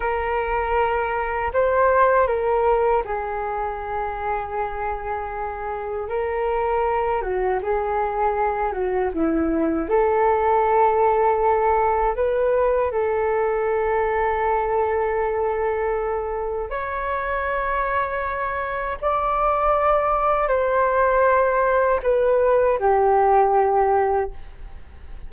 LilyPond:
\new Staff \with { instrumentName = "flute" } { \time 4/4 \tempo 4 = 79 ais'2 c''4 ais'4 | gis'1 | ais'4. fis'8 gis'4. fis'8 | e'4 a'2. |
b'4 a'2.~ | a'2 cis''2~ | cis''4 d''2 c''4~ | c''4 b'4 g'2 | }